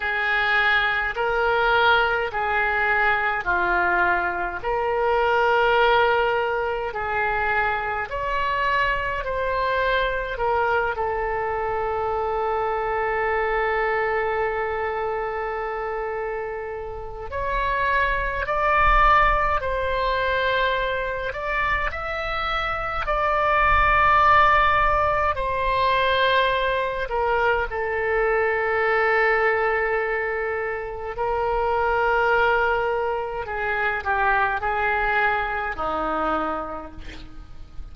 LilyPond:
\new Staff \with { instrumentName = "oboe" } { \time 4/4 \tempo 4 = 52 gis'4 ais'4 gis'4 f'4 | ais'2 gis'4 cis''4 | c''4 ais'8 a'2~ a'8~ | a'2. cis''4 |
d''4 c''4. d''8 e''4 | d''2 c''4. ais'8 | a'2. ais'4~ | ais'4 gis'8 g'8 gis'4 dis'4 | }